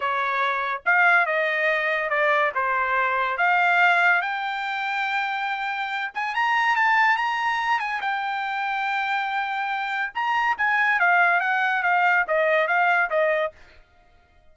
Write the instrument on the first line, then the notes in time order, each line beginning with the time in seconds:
trumpet
0.00 C#5
0.85 F5
1.26 D#5
2.09 D5
2.54 C5
3.37 F5
4.21 G5
6.14 G#5
6.34 A#5
6.76 A5
7.16 A#5
7.79 G#5
8.01 G5
10.14 A#5
10.57 G#5
10.99 F5
11.40 F#5
11.83 F5
12.27 D#5
12.67 F5
13.09 D#5